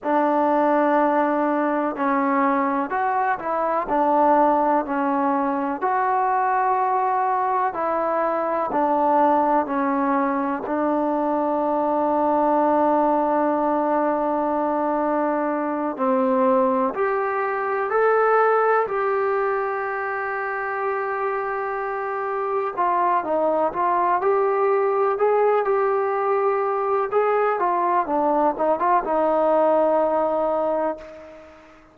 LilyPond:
\new Staff \with { instrumentName = "trombone" } { \time 4/4 \tempo 4 = 62 d'2 cis'4 fis'8 e'8 | d'4 cis'4 fis'2 | e'4 d'4 cis'4 d'4~ | d'1~ |
d'8 c'4 g'4 a'4 g'8~ | g'2.~ g'8 f'8 | dis'8 f'8 g'4 gis'8 g'4. | gis'8 f'8 d'8 dis'16 f'16 dis'2 | }